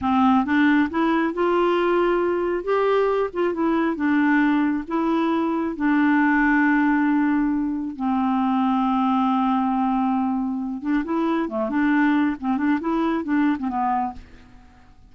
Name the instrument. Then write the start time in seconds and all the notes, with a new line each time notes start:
clarinet
0.01 C4
0.45 D4
0.90 E4
1.33 F4
2.64 G4
3.33 F4
3.53 E4
3.95 D4
4.87 E4
5.76 D4
7.96 C4
10.81 D4
11.04 E4
11.48 A3
11.69 D4
12.40 C4
12.57 D4
12.80 E4
13.24 D4
13.58 C4
13.68 B3